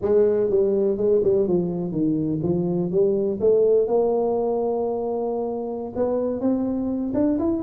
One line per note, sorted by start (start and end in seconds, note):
0.01 0.49 G#3
0.50 0.97 G3
0.97 1.21 G#3
1.23 1.47 G3
1.47 1.91 F3
1.91 2.40 D#3
2.42 2.91 F3
2.91 3.39 G3
3.40 3.87 A3
3.87 5.93 A#3
5.95 6.40 B3
6.40 7.12 C4
7.14 7.38 D4
7.39 7.62 E4